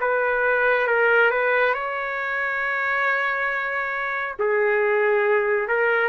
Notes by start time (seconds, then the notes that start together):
0.00 B4
0.87 A#4
1.30 B4
1.74 C#5
4.39 G#4
5.68 A#4